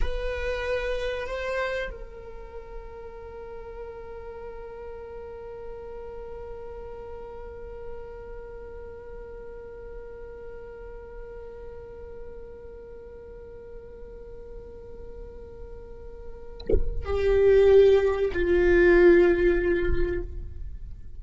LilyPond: \new Staff \with { instrumentName = "viola" } { \time 4/4 \tempo 4 = 95 b'2 c''4 ais'4~ | ais'1~ | ais'1~ | ais'1~ |
ais'1~ | ais'1~ | ais'2. g'4~ | g'4 f'2. | }